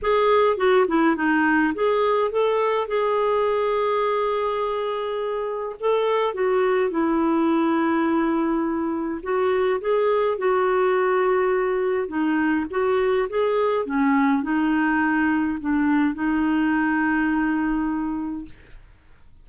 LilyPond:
\new Staff \with { instrumentName = "clarinet" } { \time 4/4 \tempo 4 = 104 gis'4 fis'8 e'8 dis'4 gis'4 | a'4 gis'2.~ | gis'2 a'4 fis'4 | e'1 |
fis'4 gis'4 fis'2~ | fis'4 dis'4 fis'4 gis'4 | cis'4 dis'2 d'4 | dis'1 | }